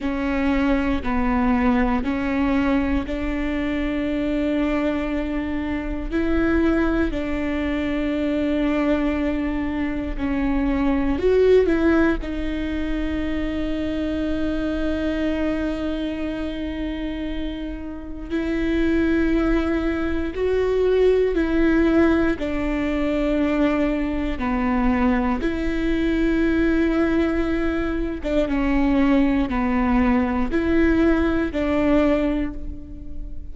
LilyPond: \new Staff \with { instrumentName = "viola" } { \time 4/4 \tempo 4 = 59 cis'4 b4 cis'4 d'4~ | d'2 e'4 d'4~ | d'2 cis'4 fis'8 e'8 | dis'1~ |
dis'2 e'2 | fis'4 e'4 d'2 | b4 e'2~ e'8. d'16 | cis'4 b4 e'4 d'4 | }